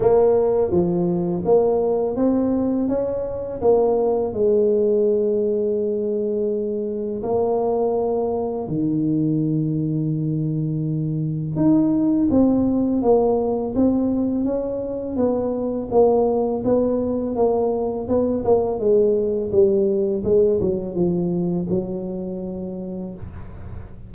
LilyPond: \new Staff \with { instrumentName = "tuba" } { \time 4/4 \tempo 4 = 83 ais4 f4 ais4 c'4 | cis'4 ais4 gis2~ | gis2 ais2 | dis1 |
dis'4 c'4 ais4 c'4 | cis'4 b4 ais4 b4 | ais4 b8 ais8 gis4 g4 | gis8 fis8 f4 fis2 | }